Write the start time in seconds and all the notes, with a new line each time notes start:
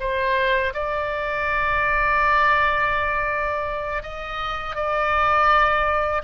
0.00 C5
0.74 D5
4.03 D#5
4.76 D5